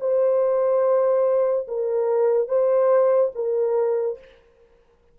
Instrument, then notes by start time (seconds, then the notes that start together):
horn
0.00 C5
1.68 A#4
2.48 C5
3.35 A#4